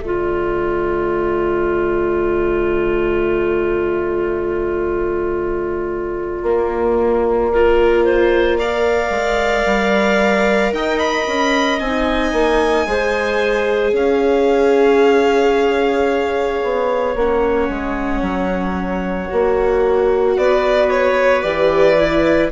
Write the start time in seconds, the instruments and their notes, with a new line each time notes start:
0.00 bassoon D3, viola A3, clarinet F4, violin D5
6.42 bassoon A#3, viola A#3
7.52 viola F4, clarinet A#4
8.04 clarinet C5
8.58 viola A#4, clarinet D5, violin F5
9.10 bassoon G#3
9.65 bassoon G3
10.72 bassoon D#4, clarinet D#5, violin G5
10.98 violin B5
11.26 bassoon C#4
11.79 bassoon C4, viola D#4, violin G#5
12.32 bassoon A#3
12.86 bassoon G#3, viola G#4, clarinet C5
13.92 bassoon C#4, clarinet C#5, violin F5
16.63 bassoon B3
17.15 bassoon A#3, viola C#4, violin F#5
17.69 bassoon G#3
18.21 bassoon F#3
19.29 bassoon A#3, viola F#4
20.36 bassoon B3, clarinet B4, violin D5
20.90 violin C#5
21.42 bassoon E3, viola G4, violin D5
21.97 viola E4